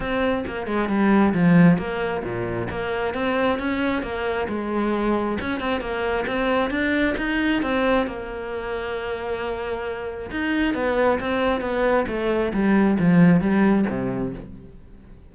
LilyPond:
\new Staff \with { instrumentName = "cello" } { \time 4/4 \tempo 4 = 134 c'4 ais8 gis8 g4 f4 | ais4 ais,4 ais4 c'4 | cis'4 ais4 gis2 | cis'8 c'8 ais4 c'4 d'4 |
dis'4 c'4 ais2~ | ais2. dis'4 | b4 c'4 b4 a4 | g4 f4 g4 c4 | }